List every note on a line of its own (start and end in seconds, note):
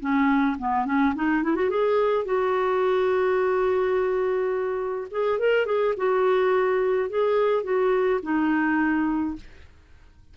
0.00 0.57 C#4
0.58 0.85 B3
0.85 1.14 C#4
1.15 1.43 D#4
1.43 1.55 E4
1.55 1.70 F#4
1.70 2.25 G#4
2.25 5.08 F#4
5.11 5.39 G#4
5.39 5.66 A#4
5.66 5.94 G#4
5.97 7.09 F#4
7.09 7.63 G#4
7.63 8.20 F#4
8.23 9.36 D#4